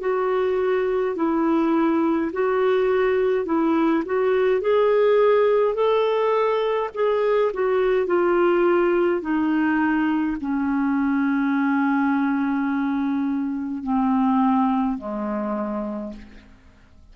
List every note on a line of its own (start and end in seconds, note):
0.00 1.15 F#4
1.15 2.31 E4
2.32 3.45 F#4
3.45 4.03 E4
4.05 4.60 F#4
4.60 5.74 G#4
5.74 6.90 A4
6.94 7.52 G#4
7.53 8.06 F#4
8.06 9.21 F4
9.21 10.36 D#4
10.40 13.83 C#4
13.83 14.97 C4
14.97 16.13 G#3